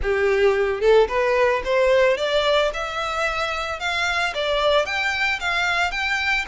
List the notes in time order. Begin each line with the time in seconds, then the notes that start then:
0.02 G4
0.80 A4
1.08 B4
1.64 C5
2.17 D5
2.73 E5
3.79 F5
4.34 D5
4.85 G5
5.40 F5
5.91 G5